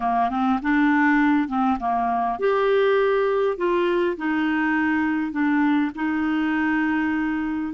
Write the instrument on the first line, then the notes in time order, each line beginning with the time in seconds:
clarinet
0.00 A#3
0.29 C4
0.62 D4
1.48 C4
1.79 A#3
2.39 G4
3.57 F4
4.17 D#4
5.31 D4
5.95 D#4